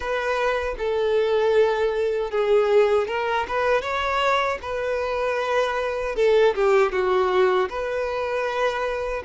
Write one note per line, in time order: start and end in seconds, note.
0.00 0.75 B4
0.78 2.30 A4
2.30 3.07 G#4
3.07 3.46 A#4
3.48 3.81 B4
3.81 4.58 C#5
4.62 6.15 B4
6.15 6.54 A4
6.54 6.92 G4
6.92 7.69 F#4
7.69 9.23 B4